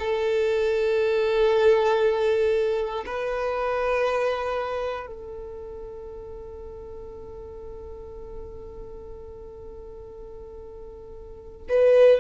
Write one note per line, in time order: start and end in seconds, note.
0.00 3.05 A4
3.06 5.07 B4
5.07 11.68 A4
11.69 12.20 B4